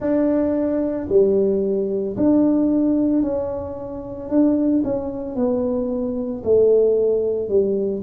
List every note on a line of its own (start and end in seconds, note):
0.00 1.07 D4
1.09 2.16 G3
2.17 3.22 D4
3.22 4.29 C#4
4.29 4.82 D4
4.84 5.35 C#4
5.35 6.42 B3
6.44 7.48 A3
7.48 8.02 G3